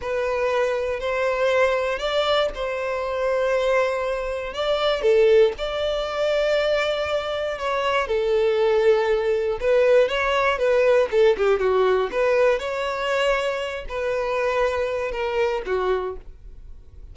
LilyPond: \new Staff \with { instrumentName = "violin" } { \time 4/4 \tempo 4 = 119 b'2 c''2 | d''4 c''2.~ | c''4 d''4 a'4 d''4~ | d''2. cis''4 |
a'2. b'4 | cis''4 b'4 a'8 g'8 fis'4 | b'4 cis''2~ cis''8 b'8~ | b'2 ais'4 fis'4 | }